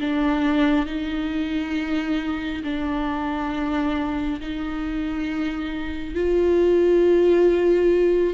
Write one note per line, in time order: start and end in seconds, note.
0.00 0.86 D4
0.86 2.63 D#4
2.64 4.40 D4
4.40 6.15 D#4
6.15 8.34 F4